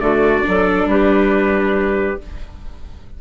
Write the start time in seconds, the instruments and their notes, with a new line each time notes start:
0.00 bassoon D3, viola A3, clarinet F#4, trumpet D5
0.43 bassoon F#3, viola D4, clarinet A4
0.86 bassoon G3, clarinet G4, trumpet B4